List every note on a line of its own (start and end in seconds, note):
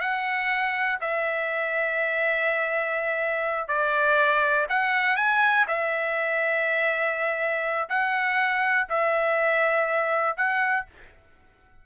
0.00 0.98 F#5
1.00 3.68 E5
3.68 4.66 D5
4.69 5.16 F#5
5.16 5.65 G#5
5.67 7.88 E5
7.89 8.87 F#5
8.89 10.36 E5
10.36 10.85 F#5